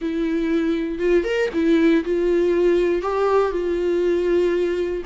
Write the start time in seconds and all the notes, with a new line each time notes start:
0.01 E4
0.98 F4
1.24 A#4
1.53 E4
2.04 F4
3.02 G4
3.51 F4